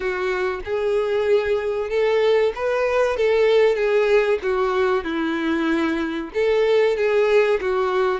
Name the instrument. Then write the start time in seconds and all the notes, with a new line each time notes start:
violin
0.00 F#4
0.64 G#4
1.89 A4
2.55 B4
3.16 A4
3.76 G#4
4.42 F#4
5.04 E4
6.34 A4
6.96 G#4
7.60 F#4